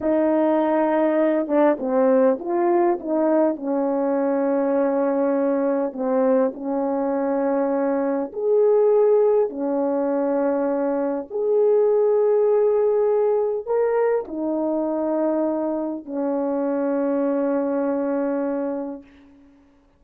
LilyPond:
\new Staff \with { instrumentName = "horn" } { \time 4/4 \tempo 4 = 101 dis'2~ dis'8 d'8 c'4 | f'4 dis'4 cis'2~ | cis'2 c'4 cis'4~ | cis'2 gis'2 |
cis'2. gis'4~ | gis'2. ais'4 | dis'2. cis'4~ | cis'1 | }